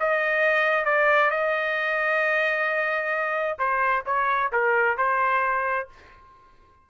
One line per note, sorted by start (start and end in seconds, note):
0.00 0.85 D#5
0.85 1.31 D5
1.31 3.58 D#5
3.58 4.04 C5
4.06 4.51 C#5
4.52 4.98 A#4
4.98 5.88 C5